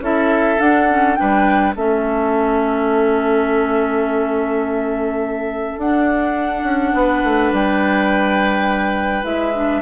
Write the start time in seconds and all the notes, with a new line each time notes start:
0.00 C#4 E4 A4 E5
0.59 D4 F#5
0.89 C#4
1.15 G3 D4 B4 G5
1.75 A3 C#4 A4 E5
5.77 D4 F#5
6.63 C#4
6.93 B3 B4
7.23 A3
7.52 G3 G5
9.23 G#3 E4 E5
9.54 D4